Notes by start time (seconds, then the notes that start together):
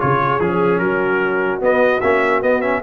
0.00 C#3 F4 G#4 C#5
0.40 F3 C#4 G#4
0.79 F#3 F#4 A#4
1.61 B3 D#5
2.01 A#3 C#4 E5
2.42 B3 D#5
2.61 C#4 E5